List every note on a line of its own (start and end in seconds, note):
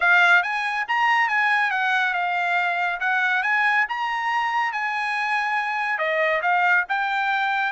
0.00 0.42 F5
0.42 0.85 G#5
0.88 1.28 A#5
1.28 1.70 G#5
1.70 2.13 F#5
2.13 2.99 F5
3.00 3.42 F#5
3.42 3.85 G#5
3.88 4.72 A#5
4.72 5.98 G#5
5.98 6.41 D#5
6.42 6.85 F5
6.88 7.72 G5